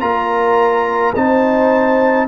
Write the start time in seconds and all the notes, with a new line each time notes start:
0.00 A#3 F4 A#4 A#5
1.14 C4 D#4 C5 A5